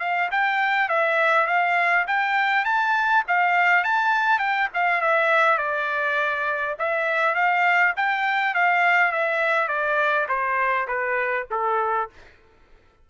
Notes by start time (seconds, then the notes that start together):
0.00 F5
0.32 G5
0.89 E5
1.47 F5
2.07 G5
2.65 A5
3.28 F5
3.84 A5
4.39 G5
4.74 F5
5.01 E5
5.58 D5
6.79 E5
7.35 F5
7.97 G5
8.55 F5
9.12 E5
9.68 D5
10.29 C5
10.88 B4
11.51 A4